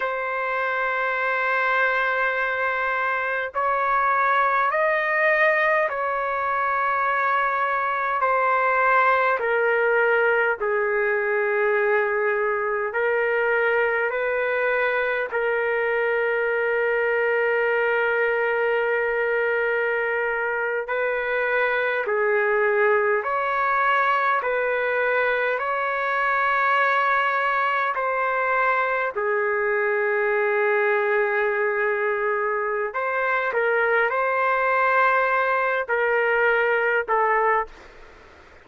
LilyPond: \new Staff \with { instrumentName = "trumpet" } { \time 4/4 \tempo 4 = 51 c''2. cis''4 | dis''4 cis''2 c''4 | ais'4 gis'2 ais'4 | b'4 ais'2.~ |
ais'4.~ ais'16 b'4 gis'4 cis''16~ | cis''8. b'4 cis''2 c''16~ | c''8. gis'2.~ gis'16 | c''8 ais'8 c''4. ais'4 a'8 | }